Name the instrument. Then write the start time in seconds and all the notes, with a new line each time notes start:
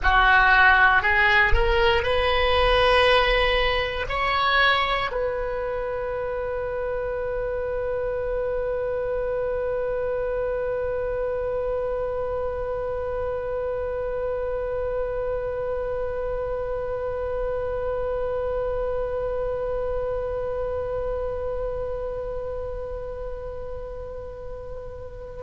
oboe
0.02 F#4
1.02 G#4
1.53 A#4
2.02 B4
4.09 C#5
5.11 B4